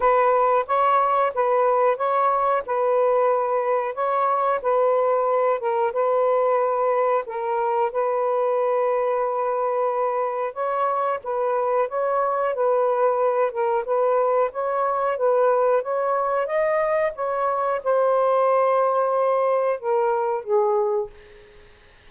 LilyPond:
\new Staff \with { instrumentName = "saxophone" } { \time 4/4 \tempo 4 = 91 b'4 cis''4 b'4 cis''4 | b'2 cis''4 b'4~ | b'8 ais'8 b'2 ais'4 | b'1 |
cis''4 b'4 cis''4 b'4~ | b'8 ais'8 b'4 cis''4 b'4 | cis''4 dis''4 cis''4 c''4~ | c''2 ais'4 gis'4 | }